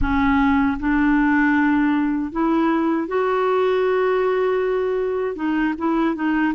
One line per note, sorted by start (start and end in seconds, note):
0.01 0.78 C#4
0.79 2.32 D4
2.32 3.07 E4
3.07 5.35 F#4
5.35 5.73 D#4
5.77 6.15 E4
6.15 6.53 D#4